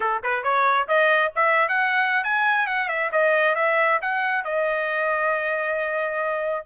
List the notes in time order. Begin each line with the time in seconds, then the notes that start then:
0.00 A4
0.23 B4
0.43 C#5
0.87 D#5
1.35 E5
1.68 F#5
2.23 G#5
2.66 F#5
2.88 E5
3.12 D#5
3.55 E5
4.01 F#5
4.44 D#5